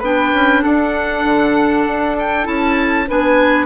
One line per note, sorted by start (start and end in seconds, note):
0.00 0.32 B3
0.00 2.44 D4
0.00 0.61 B4
0.00 0.64 G5
0.33 0.64 C#4
0.62 1.25 D4
0.62 3.07 A4
0.62 2.17 F#5
1.25 1.86 D3
1.87 2.47 D4
2.19 2.47 G5
2.44 3.08 C#4
2.44 3.05 E4
2.44 3.09 A5
3.07 3.66 B3
3.07 3.66 D4
3.07 3.66 B4
3.07 3.66 G#5